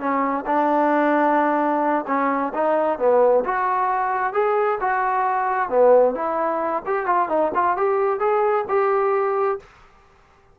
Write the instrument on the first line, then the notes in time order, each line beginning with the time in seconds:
trombone
0.00 C#4
0.46 D4
2.08 C#4
2.55 D#4
2.99 B3
3.45 F#4
4.34 G#4
4.81 F#4
5.70 B3
6.15 E4
6.87 G4
7.07 F4
7.29 D#4
7.55 F4
7.77 G4
8.20 G#4
8.69 G4